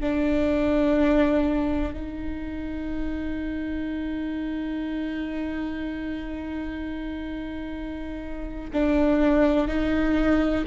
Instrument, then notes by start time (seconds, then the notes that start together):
viola
0.00 D4
1.93 D#4
8.73 D4
9.68 D#4